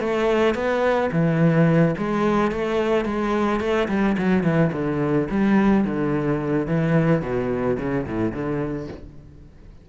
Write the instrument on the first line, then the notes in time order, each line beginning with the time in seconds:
cello
0.00 A3
0.55 B3
1.12 E3
1.98 G#3
2.52 A3
3.05 G#3
3.60 A3
3.88 G3
4.18 F#3
4.43 E3
4.73 D3
5.31 G3
5.85 D3
6.67 E3
7.22 B2
7.78 C#3
8.06 A2
8.33 D3